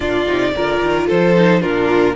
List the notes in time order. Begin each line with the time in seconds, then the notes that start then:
0.00 A#2 D4 F4 D5
0.27 C3 D#4
0.55 D3 F4 A#4
0.82 D#3
1.07 F3 A4 C5
1.35 D#4
1.61 A#2 D4 F4 A#4